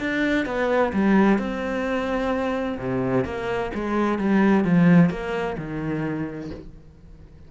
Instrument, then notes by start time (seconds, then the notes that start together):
cello
0.00 D4
0.46 B3
0.93 G3
1.38 C4
2.79 C3
3.25 A#3
3.75 G#3
4.19 G3
4.64 F3
5.10 A#3
5.58 D#3